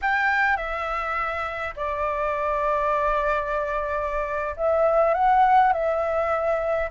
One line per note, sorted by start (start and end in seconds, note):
0.01 0.56 G5
0.56 1.74 E5
1.76 4.55 D5
4.56 5.13 E5
5.13 5.72 F#5
5.72 6.90 E5